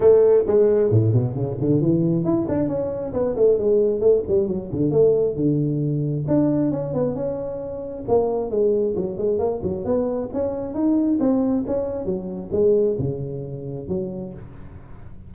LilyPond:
\new Staff \with { instrumentName = "tuba" } { \time 4/4 \tempo 4 = 134 a4 gis4 a,8 b,8 cis8 d8 | e4 e'8 d'8 cis'4 b8 a8 | gis4 a8 g8 fis8 d8 a4 | d2 d'4 cis'8 b8 |
cis'2 ais4 gis4 | fis8 gis8 ais8 fis8 b4 cis'4 | dis'4 c'4 cis'4 fis4 | gis4 cis2 fis4 | }